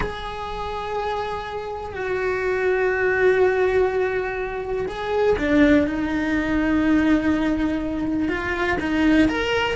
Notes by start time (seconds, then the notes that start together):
0.00 G#4
1.93 F#4
4.88 G#4
5.38 D4
5.87 D#4
8.28 F4
8.80 D#4
9.28 A#4